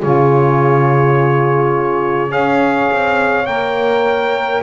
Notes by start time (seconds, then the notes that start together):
0.00 C#3 F4 G#4 C#5
2.28 C#4 G#4 C#5 F5
2.91 C4
3.46 A#3 A#4 G5